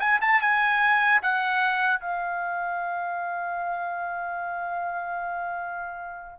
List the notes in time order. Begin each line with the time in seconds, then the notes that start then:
0.00 G#5
0.21 A5
0.42 G#5
1.23 F#5
2.00 F5